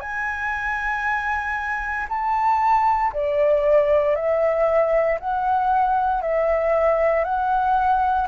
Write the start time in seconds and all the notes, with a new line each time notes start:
0.00 G#5
2.09 A5
3.13 D5
4.15 E5
5.20 F#5
6.22 E5
7.24 F#5